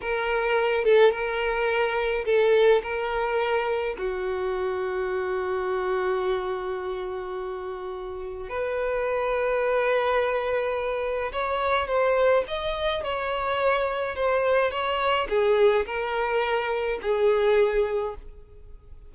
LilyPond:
\new Staff \with { instrumentName = "violin" } { \time 4/4 \tempo 4 = 106 ais'4. a'8 ais'2 | a'4 ais'2 fis'4~ | fis'1~ | fis'2. b'4~ |
b'1 | cis''4 c''4 dis''4 cis''4~ | cis''4 c''4 cis''4 gis'4 | ais'2 gis'2 | }